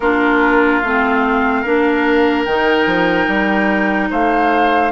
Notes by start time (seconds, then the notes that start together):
0.00 A#3 D4 F4 A#4
0.79 A3 C4 F5
1.61 A#3 D4 A#4
2.45 D#3 D#4 G5
2.85 F3
3.27 G3
4.10 A3 C5 F5